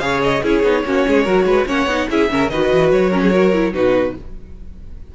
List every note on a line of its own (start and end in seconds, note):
0.00 0.42 C#3
0.00 0.43 G#4
0.00 0.44 C#5
0.00 0.21 F5
0.23 0.44 D#5
0.43 0.64 C#4
0.43 0.64 E4
0.43 0.85 G#4
0.43 1.68 C#5
0.64 0.84 B3
0.64 0.84 D#4
0.85 1.06 A#3
0.85 1.26 C#4
0.85 1.08 F#4
1.08 1.27 G#3
1.08 1.24 G#4
1.24 1.45 F#3
1.24 1.67 F#4
1.24 1.45 A#4
1.45 1.66 G#3
1.45 1.67 B4
1.66 1.86 A#3
1.66 1.88 C#4
1.66 2.09 C#5
1.66 2.09 F#5
1.86 2.07 B3
1.86 2.10 D#4
2.09 2.30 C#4
2.09 2.30 E4
2.09 2.32 G#4
2.09 2.50 E5
2.30 2.51 C#3
2.30 2.51 C#4
2.30 2.51 A#4
2.50 2.71 D#3
2.50 3.12 F#4
2.50 3.10 B4
2.50 2.91 D#5
2.72 2.92 E3
2.92 3.74 F#3
2.92 3.74 C#5
3.10 3.32 C#4
3.10 3.20 A#4
3.22 3.32 G#4
3.32 3.53 F#4
3.32 3.73 A#4
3.53 3.74 E4
3.74 4.15 B2
3.74 4.15 D#4
3.74 4.15 F#4
3.74 4.15 B4